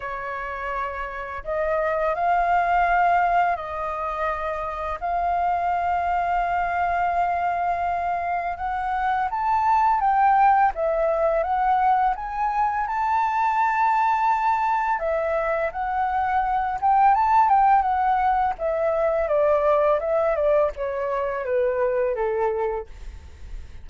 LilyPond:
\new Staff \with { instrumentName = "flute" } { \time 4/4 \tempo 4 = 84 cis''2 dis''4 f''4~ | f''4 dis''2 f''4~ | f''1 | fis''4 a''4 g''4 e''4 |
fis''4 gis''4 a''2~ | a''4 e''4 fis''4. g''8 | a''8 g''8 fis''4 e''4 d''4 | e''8 d''8 cis''4 b'4 a'4 | }